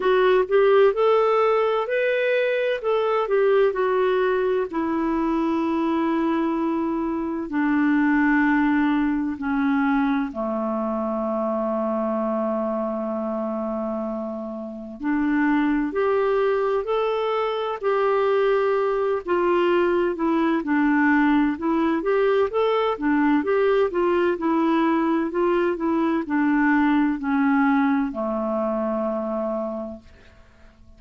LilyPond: \new Staff \with { instrumentName = "clarinet" } { \time 4/4 \tempo 4 = 64 fis'8 g'8 a'4 b'4 a'8 g'8 | fis'4 e'2. | d'2 cis'4 a4~ | a1 |
d'4 g'4 a'4 g'4~ | g'8 f'4 e'8 d'4 e'8 g'8 | a'8 d'8 g'8 f'8 e'4 f'8 e'8 | d'4 cis'4 a2 | }